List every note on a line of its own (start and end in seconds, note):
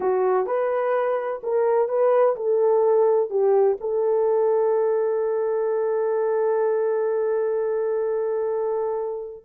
0.00 0.46 F#4
0.46 1.41 B4
1.43 1.88 A#4
1.88 2.35 B4
2.36 3.29 A4
3.29 3.77 G4
3.80 9.44 A4